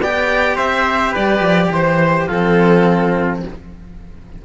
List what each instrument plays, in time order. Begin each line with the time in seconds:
0.00 cello B3 G4, trumpet D5, violin G5
0.56 cello C4, trumpet C5, violin E5
1.11 cello G3, trumpet B4, violin D5
1.40 cello F3
1.71 cello E3, violin C5, trumpet C5
2.27 cello F3 C4, trumpet F4, violin A4